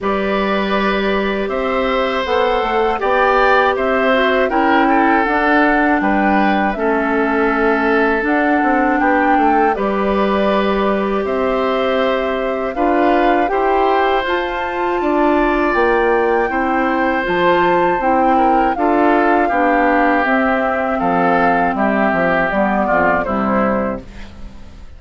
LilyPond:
<<
  \new Staff \with { instrumentName = "flute" } { \time 4/4 \tempo 4 = 80 d''2 e''4 fis''4 | g''4 e''4 g''4 fis''4 | g''4 e''2 fis''4 | g''4 d''2 e''4~ |
e''4 f''4 g''4 a''4~ | a''4 g''2 a''4 | g''4 f''2 e''4 | f''4 e''4 d''4 c''4 | }
  \new Staff \with { instrumentName = "oboe" } { \time 4/4 b'2 c''2 | d''4 c''4 ais'8 a'4. | b'4 a'2. | g'8 a'8 b'2 c''4~ |
c''4 b'4 c''2 | d''2 c''2~ | c''8 ais'8 a'4 g'2 | a'4 g'4. f'8 e'4 | }
  \new Staff \with { instrumentName = "clarinet" } { \time 4/4 g'2. a'4 | g'4. fis'8 e'4 d'4~ | d'4 cis'2 d'4~ | d'4 g'2.~ |
g'4 f'4 g'4 f'4~ | f'2 e'4 f'4 | e'4 f'4 d'4 c'4~ | c'2 b4 g4 | }
  \new Staff \with { instrumentName = "bassoon" } { \time 4/4 g2 c'4 b8 a8 | b4 c'4 cis'4 d'4 | g4 a2 d'8 c'8 | b8 a8 g2 c'4~ |
c'4 d'4 e'4 f'4 | d'4 ais4 c'4 f4 | c'4 d'4 b4 c'4 | f4 g8 f8 g8 f,8 c4 | }
>>